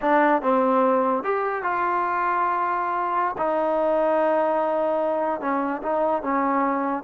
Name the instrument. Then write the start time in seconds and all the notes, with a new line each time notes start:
trombone
0.01 D4
0.42 C4
1.23 G4
1.62 F4
3.37 D#4
5.40 C#4
5.82 D#4
6.22 C#4